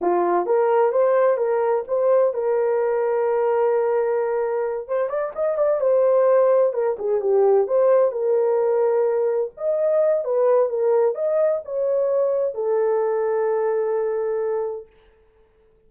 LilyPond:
\new Staff \with { instrumentName = "horn" } { \time 4/4 \tempo 4 = 129 f'4 ais'4 c''4 ais'4 | c''4 ais'2.~ | ais'2~ ais'8 c''8 d''8 dis''8 | d''8 c''2 ais'8 gis'8 g'8~ |
g'8 c''4 ais'2~ ais'8~ | ais'8 dis''4. b'4 ais'4 | dis''4 cis''2 a'4~ | a'1 | }